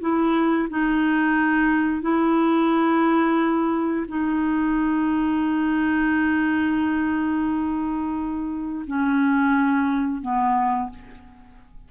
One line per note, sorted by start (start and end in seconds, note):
0.00 0.68 E4
0.69 2.01 D#4
2.01 4.06 E4
4.08 8.85 D#4
8.87 10.21 C#4
10.21 10.89 B3